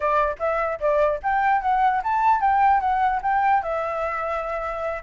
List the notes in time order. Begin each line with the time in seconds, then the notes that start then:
0.00 D5
0.39 E5
0.80 D5
1.22 G5
1.61 F#5
2.03 A5
2.41 G5
2.80 F#5
3.22 G5
3.62 E5